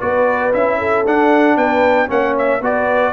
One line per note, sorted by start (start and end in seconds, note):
0.00 0.53 B3
0.00 0.52 F#4
0.00 0.79 B4
0.00 0.53 D5
0.53 1.06 C#4
0.53 1.05 E4
0.53 1.06 E5
0.79 1.57 A4
1.06 1.57 D4
1.06 2.08 D4
1.06 1.57 F#5
1.57 2.09 B3
1.57 2.09 B4
1.57 2.10 G5
2.08 2.61 A#3
2.08 2.60 C#4
2.08 2.62 C#5
2.08 2.37 F#5
2.38 2.64 E5
2.61 3.13 B3
2.61 3.13 F#4
2.61 3.13 B4
2.61 3.13 D5